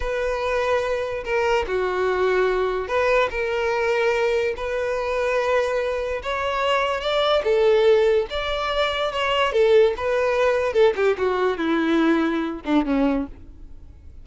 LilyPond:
\new Staff \with { instrumentName = "violin" } { \time 4/4 \tempo 4 = 145 b'2. ais'4 | fis'2. b'4 | ais'2. b'4~ | b'2. cis''4~ |
cis''4 d''4 a'2 | d''2 cis''4 a'4 | b'2 a'8 g'8 fis'4 | e'2~ e'8 d'8 cis'4 | }